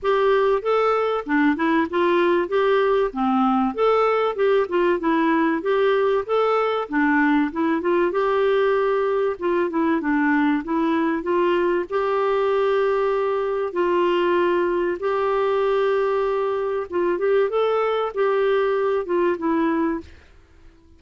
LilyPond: \new Staff \with { instrumentName = "clarinet" } { \time 4/4 \tempo 4 = 96 g'4 a'4 d'8 e'8 f'4 | g'4 c'4 a'4 g'8 f'8 | e'4 g'4 a'4 d'4 | e'8 f'8 g'2 f'8 e'8 |
d'4 e'4 f'4 g'4~ | g'2 f'2 | g'2. f'8 g'8 | a'4 g'4. f'8 e'4 | }